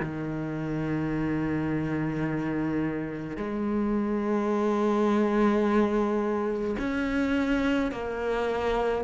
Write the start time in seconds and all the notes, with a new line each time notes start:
0.00 D#3
3.37 G#3
6.79 C#4
7.91 A#3